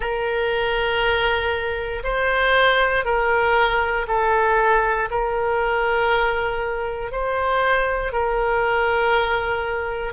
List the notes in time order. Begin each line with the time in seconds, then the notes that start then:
0.00 A#4
2.03 C5
3.05 A#4
4.07 A4
5.10 A#4
7.11 C5
8.12 A#4